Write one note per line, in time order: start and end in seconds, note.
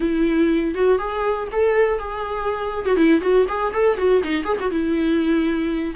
0.00 0.74 E4
0.74 0.98 F#4
0.98 1.47 G#4
1.52 1.98 A4
1.98 2.85 G#4
2.85 2.96 F#4
2.96 3.21 E4
3.21 3.46 F#4
3.48 3.73 G#4
3.73 3.97 A4
3.97 4.21 F#4
4.23 4.44 D#4
4.44 4.56 G#4
4.60 4.70 F#4
4.70 5.94 E4